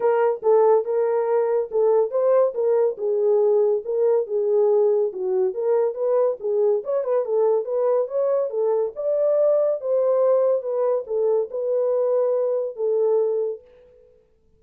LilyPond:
\new Staff \with { instrumentName = "horn" } { \time 4/4 \tempo 4 = 141 ais'4 a'4 ais'2 | a'4 c''4 ais'4 gis'4~ | gis'4 ais'4 gis'2 | fis'4 ais'4 b'4 gis'4 |
cis''8 b'8 a'4 b'4 cis''4 | a'4 d''2 c''4~ | c''4 b'4 a'4 b'4~ | b'2 a'2 | }